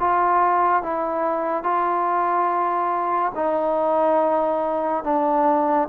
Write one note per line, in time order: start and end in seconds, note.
0.00 0.83 F4
0.83 1.64 E4
1.64 3.33 F4
3.35 5.04 D#4
5.04 5.88 D4